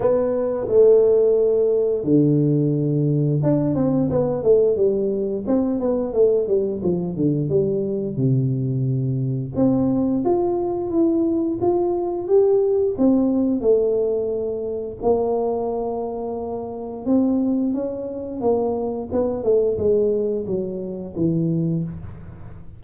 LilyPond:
\new Staff \with { instrumentName = "tuba" } { \time 4/4 \tempo 4 = 88 b4 a2 d4~ | d4 d'8 c'8 b8 a8 g4 | c'8 b8 a8 g8 f8 d8 g4 | c2 c'4 f'4 |
e'4 f'4 g'4 c'4 | a2 ais2~ | ais4 c'4 cis'4 ais4 | b8 a8 gis4 fis4 e4 | }